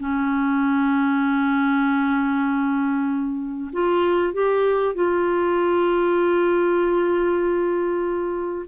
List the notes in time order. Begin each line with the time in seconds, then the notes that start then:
0.00 C#4
3.73 F4
4.33 G4
4.95 F4